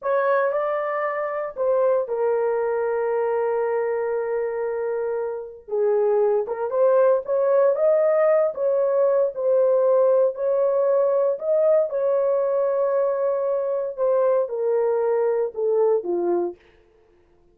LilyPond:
\new Staff \with { instrumentName = "horn" } { \time 4/4 \tempo 4 = 116 cis''4 d''2 c''4 | ais'1~ | ais'2. gis'4~ | gis'8 ais'8 c''4 cis''4 dis''4~ |
dis''8 cis''4. c''2 | cis''2 dis''4 cis''4~ | cis''2. c''4 | ais'2 a'4 f'4 | }